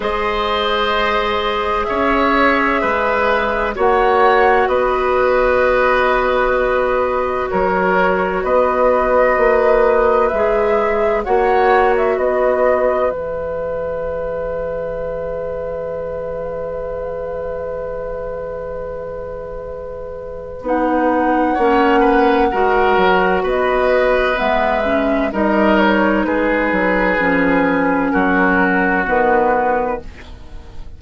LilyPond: <<
  \new Staff \with { instrumentName = "flute" } { \time 4/4 \tempo 4 = 64 dis''2 e''2 | fis''4 dis''2. | cis''4 dis''2 e''4 | fis''8. e''16 dis''4 e''2~ |
e''1~ | e''2 fis''2~ | fis''4 dis''4 e''4 dis''8 cis''8 | b'2 ais'4 b'4 | }
  \new Staff \with { instrumentName = "oboe" } { \time 4/4 c''2 cis''4 b'4 | cis''4 b'2. | ais'4 b'2. | cis''4 b'2.~ |
b'1~ | b'2. cis''8 b'8 | ais'4 b'2 ais'4 | gis'2 fis'2 | }
  \new Staff \with { instrumentName = "clarinet" } { \time 4/4 gis'1 | fis'1~ | fis'2. gis'4 | fis'2 gis'2~ |
gis'1~ | gis'2 dis'4 cis'4 | fis'2 b8 cis'8 dis'4~ | dis'4 cis'2 b4 | }
  \new Staff \with { instrumentName = "bassoon" } { \time 4/4 gis2 cis'4 gis4 | ais4 b2. | fis4 b4 ais4 gis4 | ais4 b4 e2~ |
e1~ | e2 b4 ais4 | gis8 fis8 b4 gis4 g4 | gis8 fis8 f4 fis4 dis4 | }
>>